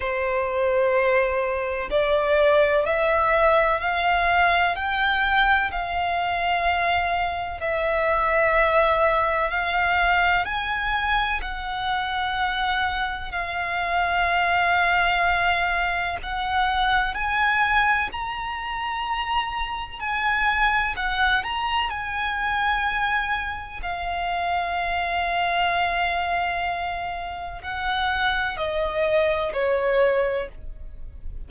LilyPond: \new Staff \with { instrumentName = "violin" } { \time 4/4 \tempo 4 = 63 c''2 d''4 e''4 | f''4 g''4 f''2 | e''2 f''4 gis''4 | fis''2 f''2~ |
f''4 fis''4 gis''4 ais''4~ | ais''4 gis''4 fis''8 ais''8 gis''4~ | gis''4 f''2.~ | f''4 fis''4 dis''4 cis''4 | }